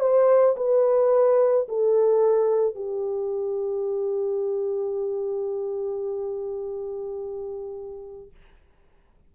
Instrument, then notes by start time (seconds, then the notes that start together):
horn
0.00 C5
0.56 B4
1.68 A4
2.75 G4